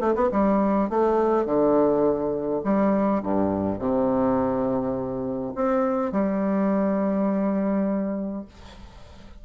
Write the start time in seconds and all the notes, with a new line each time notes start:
0.00 A3
0.15 B3
0.31 G3
0.90 A3
1.45 D3
2.64 G3
3.23 G2
3.79 C3
5.55 C4
6.12 G3